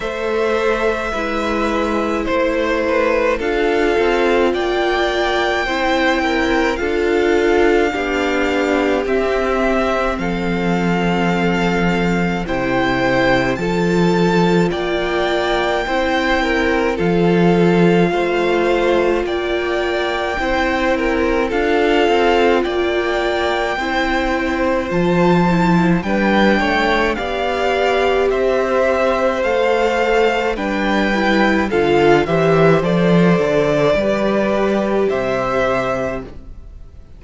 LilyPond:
<<
  \new Staff \with { instrumentName = "violin" } { \time 4/4 \tempo 4 = 53 e''2 c''4 f''4 | g''2 f''2 | e''4 f''2 g''4 | a''4 g''2 f''4~ |
f''4 g''2 f''4 | g''2 a''4 g''4 | f''4 e''4 f''4 g''4 | f''8 e''8 d''2 e''4 | }
  \new Staff \with { instrumentName = "violin" } { \time 4/4 c''4 b'4 c''8 b'8 a'4 | d''4 c''8 ais'8 a'4 g'4~ | g'4 a'2 c''4 | a'4 d''4 c''8 ais'8 a'4 |
c''4 d''4 c''8 ais'8 a'4 | d''4 c''2 b'8 cis''8 | d''4 c''2 b'4 | a'8 c''4. b'4 c''4 | }
  \new Staff \with { instrumentName = "viola" } { \time 4/4 a'4 e'2 f'4~ | f'4 e'4 f'4 d'4 | c'2. e'4 | f'2 e'4 f'4~ |
f'2 e'4 f'4~ | f'4 e'4 f'8 e'8 d'4 | g'2 a'4 d'8 e'8 | f'8 g'8 a'4 g'2 | }
  \new Staff \with { instrumentName = "cello" } { \time 4/4 a4 gis4 a4 d'8 c'8 | ais4 c'4 d'4 b4 | c'4 f2 c4 | f4 ais4 c'4 f4 |
a4 ais4 c'4 d'8 c'8 | ais4 c'4 f4 g8 a8 | b4 c'4 a4 g4 | d8 e8 f8 d8 g4 c4 | }
>>